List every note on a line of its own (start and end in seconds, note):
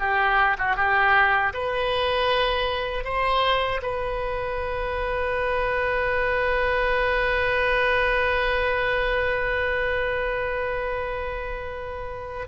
0.00 0.58 G4
0.59 0.77 F#4
0.77 1.53 G4
1.54 3.05 B4
3.05 3.81 C5
3.83 12.48 B4